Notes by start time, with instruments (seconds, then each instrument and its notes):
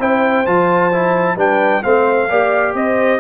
0.00 tuba C4, trombone E4, horn C5, trumpet G5
0.46 tuba F3, trombone F4, trumpet A5
0.93 trombone E4
1.36 tuba G3, trombone D4, horn B4, trumpet G5
1.83 tuba A3, trombone C4, horn C5, trumpet F5
2.29 tuba A#3, trombone G4, horn D5
2.74 tuba C4, horn C5, trumpet D#5